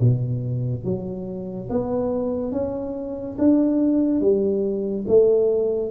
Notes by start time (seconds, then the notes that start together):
0.00 B2
0.84 F#3
1.69 B3
2.52 C#4
3.38 D4
4.21 G3
5.07 A3